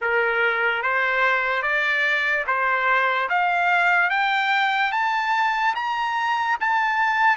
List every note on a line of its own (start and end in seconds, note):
0.01 0.82 A#4
0.82 1.62 C5
1.62 2.44 D5
2.47 3.29 C5
3.29 4.09 F5
4.09 4.92 G5
4.92 5.74 A5
5.75 6.57 A#5
6.60 7.36 A5